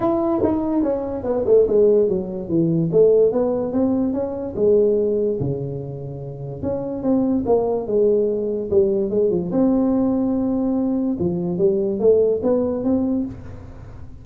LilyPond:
\new Staff \with { instrumentName = "tuba" } { \time 4/4 \tempo 4 = 145 e'4 dis'4 cis'4 b8 a8 | gis4 fis4 e4 a4 | b4 c'4 cis'4 gis4~ | gis4 cis2. |
cis'4 c'4 ais4 gis4~ | gis4 g4 gis8 f8 c'4~ | c'2. f4 | g4 a4 b4 c'4 | }